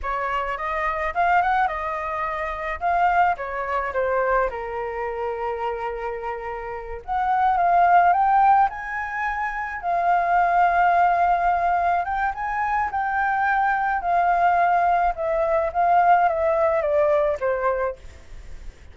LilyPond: \new Staff \with { instrumentName = "flute" } { \time 4/4 \tempo 4 = 107 cis''4 dis''4 f''8 fis''8 dis''4~ | dis''4 f''4 cis''4 c''4 | ais'1~ | ais'8 fis''4 f''4 g''4 gis''8~ |
gis''4. f''2~ f''8~ | f''4. g''8 gis''4 g''4~ | g''4 f''2 e''4 | f''4 e''4 d''4 c''4 | }